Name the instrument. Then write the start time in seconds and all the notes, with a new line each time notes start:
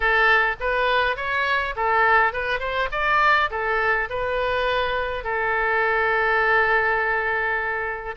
oboe
0.00 A4
0.60 B4
1.16 C#5
1.76 A4
2.32 B4
2.59 C5
2.91 D5
3.50 A4
4.09 B4
5.24 A4